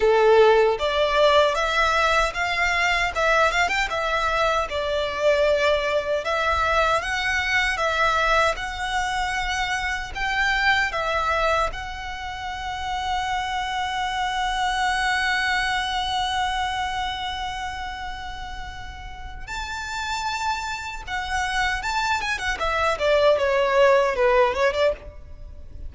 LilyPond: \new Staff \with { instrumentName = "violin" } { \time 4/4 \tempo 4 = 77 a'4 d''4 e''4 f''4 | e''8 f''16 g''16 e''4 d''2 | e''4 fis''4 e''4 fis''4~ | fis''4 g''4 e''4 fis''4~ |
fis''1~ | fis''1~ | fis''4 a''2 fis''4 | a''8 gis''16 fis''16 e''8 d''8 cis''4 b'8 cis''16 d''16 | }